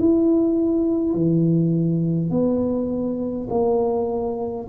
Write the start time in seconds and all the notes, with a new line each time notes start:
0.00 E4
1.15 E3
2.30 B3
3.50 A#3